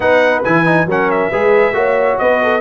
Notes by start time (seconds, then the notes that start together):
0.00 B3 D#4 B4 F#5
0.44 E3 E4 G#5
0.65 D#4
0.86 F#3 C#4 A#4 F#5
1.10 E5
1.30 G#3 G#4 B4
1.72 A#3 F#4 C#5
2.18 B3 B4 D#5
2.43 A4